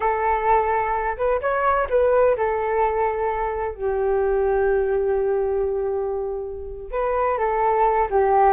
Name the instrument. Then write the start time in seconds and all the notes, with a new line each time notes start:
flute
0.00 A4
1.17 B4
1.41 C#5
1.89 B4
2.37 A4
3.75 G4
6.91 B4
7.38 A4
8.10 G4